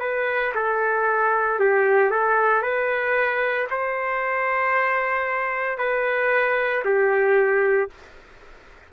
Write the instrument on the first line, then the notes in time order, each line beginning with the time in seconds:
trumpet
0.00 B4
0.55 A4
1.59 G4
2.11 A4
2.63 B4
3.70 C5
5.78 B4
6.85 G4